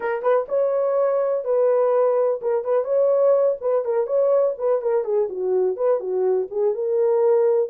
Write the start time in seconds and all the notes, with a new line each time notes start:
0.00 A#4
0.22 B4
0.48 C#5
1.44 B4
2.41 A#4
2.64 B4
2.84 C#5
3.60 B4
3.84 A#4
4.06 C#5
4.58 B4
4.81 A#4
5.04 G#4
5.29 F#4
5.76 B4
6.00 F#4
6.50 G#4
6.74 A#4